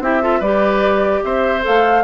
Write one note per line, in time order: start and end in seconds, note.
0.00 0.40 C4
0.00 0.22 E4
0.00 0.22 G4
0.00 0.42 E5
0.22 0.42 F4
0.22 0.39 A4
0.39 1.21 G3
0.39 1.61 G4
0.39 1.20 B4
0.39 1.23 D5
1.23 1.65 C4
1.23 2.04 C5
1.23 1.64 E5
1.61 2.04 A3
1.61 2.02 A4
1.61 2.04 F5